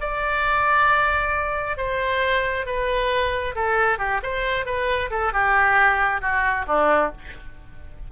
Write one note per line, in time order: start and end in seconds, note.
0.00 1.77 D5
1.77 2.66 C5
2.66 3.55 B4
3.55 3.98 A4
3.98 4.20 G4
4.22 4.65 C5
4.65 5.10 B4
5.10 5.32 A4
5.33 6.21 G4
6.21 6.65 F#4
6.67 7.11 D4